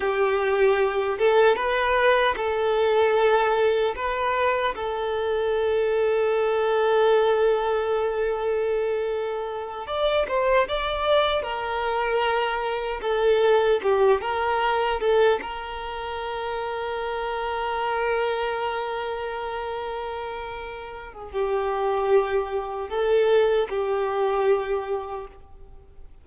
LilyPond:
\new Staff \with { instrumentName = "violin" } { \time 4/4 \tempo 4 = 76 g'4. a'8 b'4 a'4~ | a'4 b'4 a'2~ | a'1~ | a'8 d''8 c''8 d''4 ais'4.~ |
ais'8 a'4 g'8 ais'4 a'8 ais'8~ | ais'1~ | ais'2~ ais'8. gis'16 g'4~ | g'4 a'4 g'2 | }